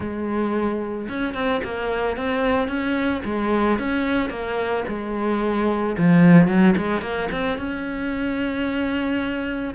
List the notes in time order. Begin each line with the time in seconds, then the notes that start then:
0.00 G#3
1.09 C#4
1.34 C4
1.64 A#3
2.16 C4
2.68 C#4
3.25 G#3
3.78 C#4
4.29 A#3
4.88 G#3
5.97 F3
6.47 F#3
6.76 G#3
7.01 A#3
7.31 C4
7.58 C#4